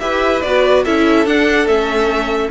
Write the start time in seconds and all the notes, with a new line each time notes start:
0.00 E4 G4 B4 E5
0.42 B3 F#4 D5
0.84 C#4 E4 A4 E5
1.26 D4 F#5
1.66 A3 C#4 E5